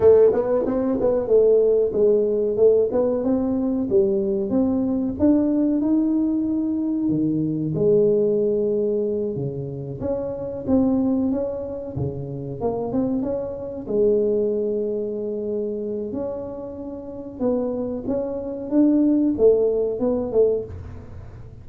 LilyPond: \new Staff \with { instrumentName = "tuba" } { \time 4/4 \tempo 4 = 93 a8 b8 c'8 b8 a4 gis4 | a8 b8 c'4 g4 c'4 | d'4 dis'2 dis4 | gis2~ gis8 cis4 cis'8~ |
cis'8 c'4 cis'4 cis4 ais8 | c'8 cis'4 gis2~ gis8~ | gis4 cis'2 b4 | cis'4 d'4 a4 b8 a8 | }